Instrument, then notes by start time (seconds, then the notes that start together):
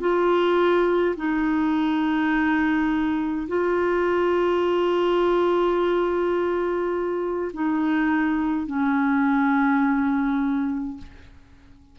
clarinet
0.00 F4
1.17 D#4
3.48 F4
7.53 D#4
8.67 C#4